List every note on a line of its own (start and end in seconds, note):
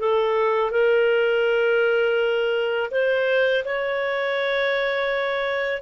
0.00 0.71 A4
0.71 2.91 A#4
2.91 3.65 C5
3.66 5.82 C#5